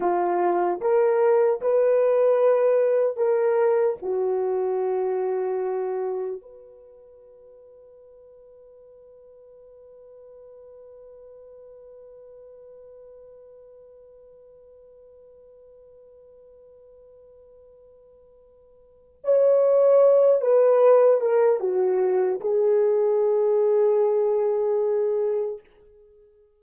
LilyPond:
\new Staff \with { instrumentName = "horn" } { \time 4/4 \tempo 4 = 75 f'4 ais'4 b'2 | ais'4 fis'2. | b'1~ | b'1~ |
b'1~ | b'1 | cis''4. b'4 ais'8 fis'4 | gis'1 | }